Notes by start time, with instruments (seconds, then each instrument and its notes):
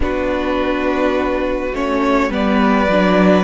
0.00 cello B3, viola D4, violin F#4 B4
1.72 cello A3, viola C#4, violin C#5
2.29 cello G3, viola B3, violin B4 D5
2.88 cello F#3, viola D4